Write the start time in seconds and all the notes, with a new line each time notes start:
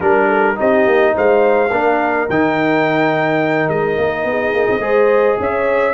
0.00 G3 D4 A#4
0.27 A4
0.55 C4 D#4 G4 D#5
0.86 A#3
1.15 G#3 C5 F5
1.70 A#3 D4 A#4
2.29 D#3 D#4 G5
3.69 G#3 D#5
3.98 A#3
4.24 B3 G#4
4.54 A#3
4.70 C4
4.79 G#3 G#4 C5
5.39 C#4 C#5 E5